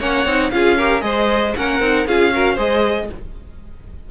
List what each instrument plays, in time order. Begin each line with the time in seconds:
0.00 cello A#3, viola C#4, violin C#5 F#5
0.26 cello C4, viola D#4
0.51 cello C#4, viola F4, violin G#4 F5
0.78 viola G4, violin A#4
1.01 cello G#3, viola G#4, violin C5 D#5
1.57 cello A#3, viola C#4, violin A#4 F#5
1.80 cello C4, viola D#4
2.07 cello C#4, viola F4, violin G#4 F5
2.33 viola F#4, violin A#4
2.55 cello G#3, viola G#4, violin C5 D#5